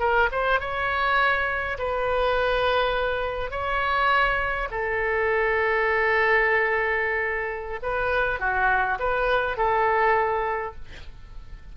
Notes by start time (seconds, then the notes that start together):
0.00 A#4
0.32 C5
0.60 C#5
1.79 B4
3.51 C#5
4.71 A4
7.83 B4
8.40 F#4
9.00 B4
9.58 A4